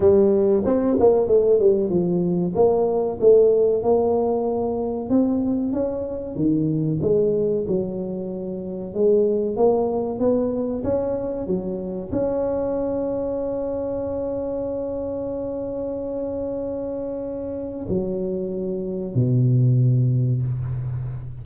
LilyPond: \new Staff \with { instrumentName = "tuba" } { \time 4/4 \tempo 4 = 94 g4 c'8 ais8 a8 g8 f4 | ais4 a4 ais2 | c'4 cis'4 dis4 gis4 | fis2 gis4 ais4 |
b4 cis'4 fis4 cis'4~ | cis'1~ | cis'1 | fis2 b,2 | }